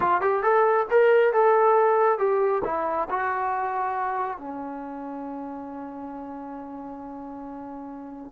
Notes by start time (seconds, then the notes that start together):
0.00 F4
0.21 G4
0.42 A4
0.90 A#4
1.33 A4
2.18 G4
2.64 E4
3.10 F#4
4.37 C#4